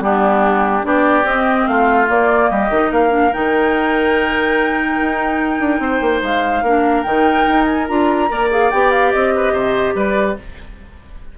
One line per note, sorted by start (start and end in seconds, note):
0.00 0.83 G3
0.00 0.83 B3
0.00 0.86 D4
0.00 0.86 G4
0.83 1.24 B3
0.83 1.24 D4
0.83 1.69 G4
0.83 1.27 D5
1.24 1.66 C4
1.24 2.08 C4
1.24 1.68 D#5
1.68 2.09 A3
1.68 2.51 F4
1.68 2.09 F5
2.08 2.70 A#3
2.08 2.50 A#3
2.08 2.50 D5
2.50 2.70 G3
2.50 2.91 G4
2.50 2.92 D#5
2.70 2.91 D#3
2.70 3.09 D#4
2.91 3.32 A#3
2.91 5.81 A#4
2.91 3.33 F5
3.09 3.30 D4
3.33 5.01 D#3
3.33 6.64 D#4
3.33 6.23 G5
5.01 5.60 D#4
5.60 5.80 D4
5.80 6.00 C4
5.80 6.64 C5
6.01 6.22 A#3
6.22 6.63 G#3
6.22 7.03 F5
6.63 7.04 A#3
6.63 7.06 D4
6.63 8.30 A#4
7.03 7.47 D#3
7.03 7.88 D#4
7.03 7.65 G5
7.48 7.89 D#4
7.66 7.87 G#5
7.88 8.31 D4
7.88 8.29 F4
7.88 8.50 A#5
8.29 8.73 A#3
8.29 8.50 A#4
8.29 9.35 D5
8.51 8.71 G#4
8.51 8.71 F5
8.71 9.14 B3
8.71 10.38 G4
8.71 8.91 G5
8.91 9.12 F5
9.12 9.52 C4
9.12 9.95 D#5
9.36 9.53 B4
9.52 9.94 C3
9.52 9.94 C5
9.95 10.37 G3
9.95 10.37 B4
9.95 10.37 D5